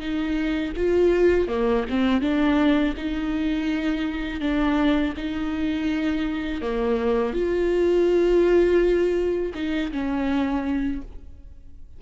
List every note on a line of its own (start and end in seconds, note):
0.00 0.73 D#4
0.77 1.48 F4
1.48 1.85 A#3
1.90 2.22 C4
2.22 2.95 D4
2.97 4.41 D#4
4.41 5.14 D4
5.17 6.62 D#4
6.62 7.34 A#3
7.34 9.53 F4
9.55 9.91 D#4
9.92 11.02 C#4